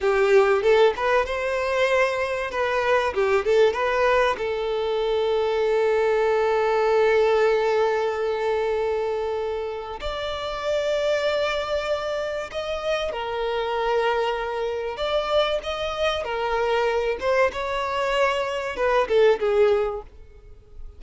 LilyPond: \new Staff \with { instrumentName = "violin" } { \time 4/4 \tempo 4 = 96 g'4 a'8 b'8 c''2 | b'4 g'8 a'8 b'4 a'4~ | a'1~ | a'1 |
d''1 | dis''4 ais'2. | d''4 dis''4 ais'4. c''8 | cis''2 b'8 a'8 gis'4 | }